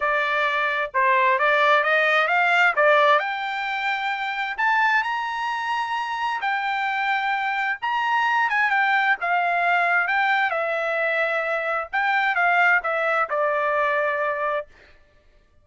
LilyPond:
\new Staff \with { instrumentName = "trumpet" } { \time 4/4 \tempo 4 = 131 d''2 c''4 d''4 | dis''4 f''4 d''4 g''4~ | g''2 a''4 ais''4~ | ais''2 g''2~ |
g''4 ais''4. gis''8 g''4 | f''2 g''4 e''4~ | e''2 g''4 f''4 | e''4 d''2. | }